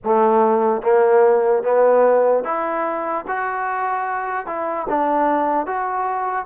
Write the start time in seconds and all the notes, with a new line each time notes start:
0.04 A3
0.81 A#3
1.63 B3
2.44 E4
3.27 F#4
4.46 E4
4.89 D4
5.66 F#4